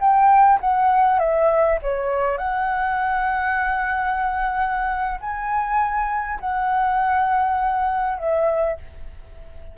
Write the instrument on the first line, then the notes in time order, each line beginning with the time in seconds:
flute
0.00 G5
0.60 F#5
1.19 E5
1.82 C#5
2.38 F#5
5.21 G#5
6.40 F#5
8.18 E5